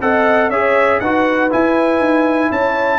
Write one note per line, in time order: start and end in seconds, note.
0.00 0.49 C4
0.00 0.51 A4
0.00 0.49 D#5
0.00 0.50 F#5
0.49 1.00 C#4
0.49 1.02 G#4
0.49 0.99 C#5
0.49 0.99 E5
0.99 1.51 D#4
0.99 1.50 F#4
0.99 2.51 B4
0.99 1.50 F#5
1.50 2.99 E4
1.50 1.99 E4
1.50 2.51 G#5
1.99 2.50 D#4
2.51 2.99 C#4
2.51 2.99 C#5
2.51 2.99 A5